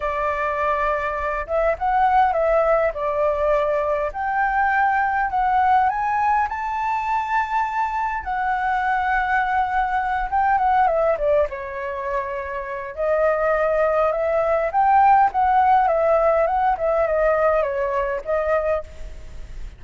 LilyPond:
\new Staff \with { instrumentName = "flute" } { \time 4/4 \tempo 4 = 102 d''2~ d''8 e''8 fis''4 | e''4 d''2 g''4~ | g''4 fis''4 gis''4 a''4~ | a''2 fis''2~ |
fis''4. g''8 fis''8 e''8 d''8 cis''8~ | cis''2 dis''2 | e''4 g''4 fis''4 e''4 | fis''8 e''8 dis''4 cis''4 dis''4 | }